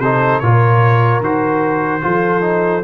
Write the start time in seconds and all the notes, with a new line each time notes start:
0.00 C3 D#4 A4 C5
0.40 A#2 F4 A#4 C#5
1.20 D#3 F#4 C5
2.01 F3 F4 A4
2.41 D#4